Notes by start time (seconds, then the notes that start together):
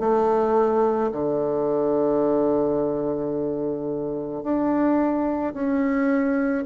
0.00 A3
1.12 D3
4.43 D4
5.54 C#4